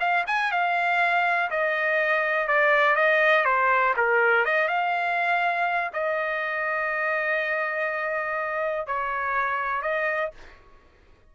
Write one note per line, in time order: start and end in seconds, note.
0.00 0.25 F5
0.27 0.51 G#5
0.52 1.50 F5
1.50 2.47 D#5
2.47 2.96 D5
2.96 3.45 D#5
3.45 3.94 C5
3.97 4.45 A#4
4.45 4.68 D#5
4.68 5.91 F5
5.93 8.87 D#5
8.87 9.82 C#5
9.82 10.31 D#5